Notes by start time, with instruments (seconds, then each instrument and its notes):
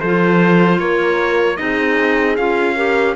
0.00 cello F3, clarinet F4, horn A4, trumpet C5
0.79 cello A#3, horn A#4, trumpet C#5
1.57 cello C4, clarinet D#4, horn G#4, trumpet D#5
2.36 cello C#4, clarinet F4, trumpet F5
2.75 clarinet G4, horn A#4